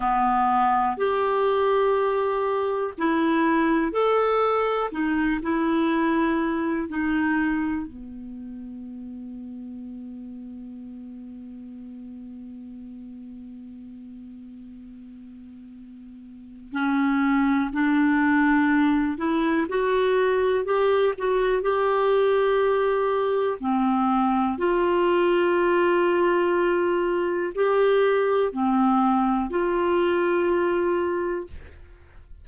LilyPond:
\new Staff \with { instrumentName = "clarinet" } { \time 4/4 \tempo 4 = 61 b4 g'2 e'4 | a'4 dis'8 e'4. dis'4 | b1~ | b1~ |
b4 cis'4 d'4. e'8 | fis'4 g'8 fis'8 g'2 | c'4 f'2. | g'4 c'4 f'2 | }